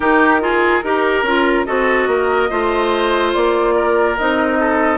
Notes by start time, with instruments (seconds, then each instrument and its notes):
0.00 bassoon D#3, clarinet D#4, oboe G4, flute A#4
0.40 clarinet F4, oboe G#4
0.83 bassoon D#4, clarinet G4, oboe A#4
1.22 bassoon C#4, clarinet F4
1.65 bassoon C4, clarinet F#4, oboe A4, flute D#5
2.07 bassoon A#3, oboe A#4
2.49 bassoon A3, clarinet F4, oboe C5
3.33 bassoon A#3, flute D5
3.75 oboe A#4
4.17 bassoon C4, clarinet D#4, flute D#5
4.59 oboe A4